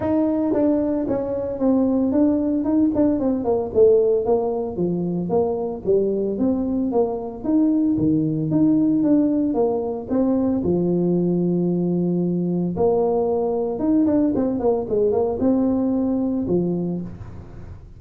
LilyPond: \new Staff \with { instrumentName = "tuba" } { \time 4/4 \tempo 4 = 113 dis'4 d'4 cis'4 c'4 | d'4 dis'8 d'8 c'8 ais8 a4 | ais4 f4 ais4 g4 | c'4 ais4 dis'4 dis4 |
dis'4 d'4 ais4 c'4 | f1 | ais2 dis'8 d'8 c'8 ais8 | gis8 ais8 c'2 f4 | }